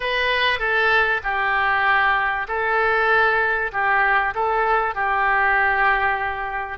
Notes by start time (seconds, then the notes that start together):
0.00 B4
0.59 A4
1.23 G4
2.47 A4
3.72 G4
4.35 A4
4.94 G4